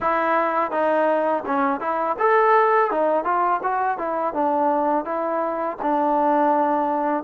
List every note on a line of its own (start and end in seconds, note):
0.00 0.71 E4
0.71 1.43 D#4
1.46 1.80 C#4
1.80 2.16 E4
2.19 2.90 A4
2.90 3.24 D#4
3.24 3.60 F4
3.62 3.98 F#4
3.98 4.33 E4
4.33 5.04 D4
5.04 5.77 E4
5.82 7.23 D4